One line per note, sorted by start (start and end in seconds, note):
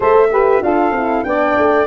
0.00 0.61 A3
0.00 0.30 A4
0.00 0.29 C5
0.00 0.62 E5
0.31 0.62 G4
0.31 0.63 B4
0.62 0.90 D4
0.62 0.93 F4
0.62 1.25 A4
0.62 1.23 F5
0.90 1.21 C4
0.90 1.25 E4
1.23 1.57 B3
1.23 1.86 D4
1.23 1.86 D5
1.23 1.86 G5
1.57 1.86 A3